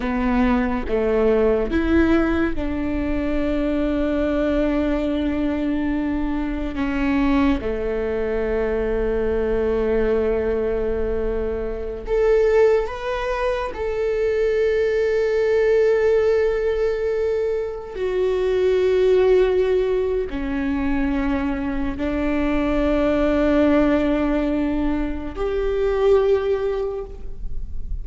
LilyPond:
\new Staff \with { instrumentName = "viola" } { \time 4/4 \tempo 4 = 71 b4 a4 e'4 d'4~ | d'1 | cis'4 a2.~ | a2~ a16 a'4 b'8.~ |
b'16 a'2.~ a'8.~ | a'4~ a'16 fis'2~ fis'8. | cis'2 d'2~ | d'2 g'2 | }